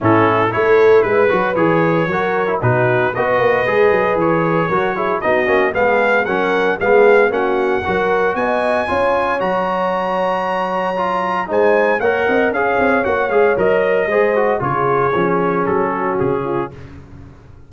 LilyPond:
<<
  \new Staff \with { instrumentName = "trumpet" } { \time 4/4 \tempo 4 = 115 a'4 cis''4 b'4 cis''4~ | cis''4 b'4 dis''2 | cis''2 dis''4 f''4 | fis''4 f''4 fis''2 |
gis''2 ais''2~ | ais''2 gis''4 fis''4 | f''4 fis''8 f''8 dis''2 | cis''2 a'4 gis'4 | }
  \new Staff \with { instrumentName = "horn" } { \time 4/4 e'4 a'4 b'2 | ais'4 fis'4 b'2~ | b'4 ais'8 gis'8 fis'4 gis'4 | ais'4 gis'4 fis'4 ais'4 |
dis''4 cis''2.~ | cis''2 c''4 cis''8 dis''8 | cis''2. c''4 | gis'2~ gis'8 fis'4 f'8 | }
  \new Staff \with { instrumentName = "trombone" } { \time 4/4 cis'4 e'4. fis'8 gis'4 | fis'8. e'16 dis'4 fis'4 gis'4~ | gis'4 fis'8 e'8 dis'8 cis'8 b4 | cis'4 b4 cis'4 fis'4~ |
fis'4 f'4 fis'2~ | fis'4 f'4 dis'4 ais'4 | gis'4 fis'8 gis'8 ais'4 gis'8 fis'8 | f'4 cis'2. | }
  \new Staff \with { instrumentName = "tuba" } { \time 4/4 a,4 a4 gis8 fis8 e4 | fis4 b,4 b8 ais8 gis8 fis8 | e4 fis4 b8 ais8 gis4 | fis4 gis4 ais4 fis4 |
b4 cis'4 fis2~ | fis2 gis4 ais8 c'8 | cis'8 c'8 ais8 gis8 fis4 gis4 | cis4 f4 fis4 cis4 | }
>>